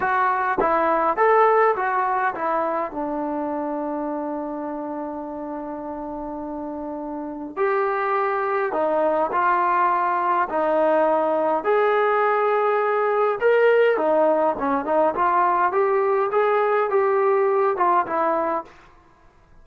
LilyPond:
\new Staff \with { instrumentName = "trombone" } { \time 4/4 \tempo 4 = 103 fis'4 e'4 a'4 fis'4 | e'4 d'2.~ | d'1~ | d'4 g'2 dis'4 |
f'2 dis'2 | gis'2. ais'4 | dis'4 cis'8 dis'8 f'4 g'4 | gis'4 g'4. f'8 e'4 | }